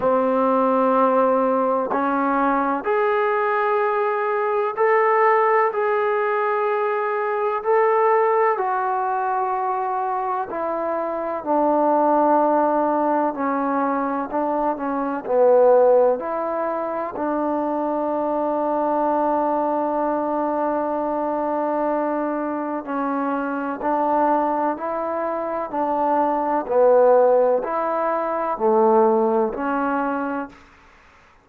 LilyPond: \new Staff \with { instrumentName = "trombone" } { \time 4/4 \tempo 4 = 63 c'2 cis'4 gis'4~ | gis'4 a'4 gis'2 | a'4 fis'2 e'4 | d'2 cis'4 d'8 cis'8 |
b4 e'4 d'2~ | d'1 | cis'4 d'4 e'4 d'4 | b4 e'4 a4 cis'4 | }